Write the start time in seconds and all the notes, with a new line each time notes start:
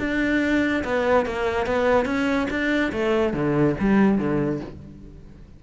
0.00 D4
0.84 B3
1.26 A#3
1.67 B3
2.06 C#4
2.50 D4
2.93 A3
3.34 D3
3.80 G3
4.18 D3